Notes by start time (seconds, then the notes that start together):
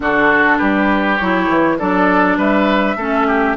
0.00 D3 D4 F#4 A4
0.58 G3 G4 B4
1.17 F#3 E4 C#5
1.49 E3
1.78 F#3 D4 A4 D5
2.37 G3 B4 E5
2.96 A3 C#4 A4
3.27 G4